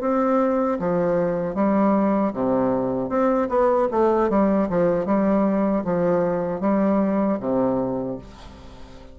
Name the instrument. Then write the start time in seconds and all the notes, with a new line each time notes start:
bassoon
0.00 C4
0.79 F3
1.54 G3
2.33 C3
3.09 C4
3.49 B3
3.91 A3
4.29 G3
4.69 F3
5.05 G3
5.84 F3
6.60 G3
7.40 C3